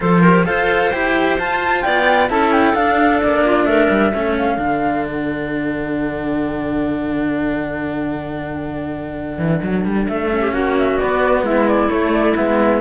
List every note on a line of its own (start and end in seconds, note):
0.00 0.47 F3
0.00 0.22 F4
0.00 0.21 A4
0.00 0.45 C5
0.21 0.45 G4
0.21 0.44 A#4
0.45 0.93 F4
0.45 0.91 A4
0.45 1.84 C5
0.45 0.90 F5
0.90 1.38 E4
0.90 1.39 G4
0.90 1.36 G5
1.38 1.83 F4
1.38 2.29 F4
1.38 1.82 A5
1.82 2.30 B3
1.82 2.30 D5
1.82 2.27 G5
2.29 2.74 C#4
2.29 2.74 E4
2.29 3.45 A4
2.29 2.52 A5
2.52 2.75 G5
2.74 3.19 D4
2.74 4.13 D4
2.74 3.21 F5
3.21 3.64 A#3
3.21 3.66 D5
3.45 3.67 F4
3.64 3.87 A3
3.64 4.11 A#4
3.64 4.34 E5
3.89 4.12 G3
4.11 4.57 A3
4.11 4.58 C#4
4.11 10.40 A4
4.37 5.05 F5
4.57 9.38 D3
4.57 10.30 D4
5.05 10.08 F#5
9.38 9.61 E3
9.62 9.84 F#3
9.84 10.07 G3
10.08 10.52 A3
10.08 10.53 E5
10.31 11.00 C#4
10.40 10.51 G4
10.52 10.98 A#3
10.52 11.44 F#4
10.52 10.76 F#5
10.77 10.98 E5
10.98 11.87 B3
10.98 11.42 B3
10.98 11.44 D5
11.42 11.88 G#3
11.42 12.81 E4
11.42 11.68 E5
11.68 11.90 D5
11.87 12.33 A3
11.87 12.37 A3
11.87 12.12 C#5
12.12 12.35 D5
12.36 12.81 G#3
12.36 12.81 B3
12.36 12.81 E5